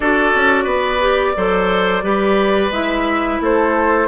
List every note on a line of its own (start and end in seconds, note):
0.00 0.32 D4
0.00 1.00 F#4
0.00 0.63 A4
0.00 2.72 D5
0.35 0.65 C#4
0.63 1.34 B3
0.63 1.32 B4
1.00 1.34 G4
1.36 2.03 F#3
1.36 2.03 A4
1.36 2.03 C5
2.03 2.70 G3
2.03 2.71 G4
2.03 3.40 B4
2.70 3.38 G#3
2.70 4.08 E4
2.70 3.41 E5
3.40 4.08 A3
3.40 4.08 A4
3.40 4.08 C5